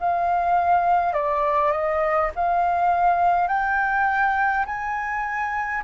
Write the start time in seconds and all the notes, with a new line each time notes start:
0.00 F5
1.13 D5
1.72 D#5
2.36 F5
3.48 G5
4.66 G#5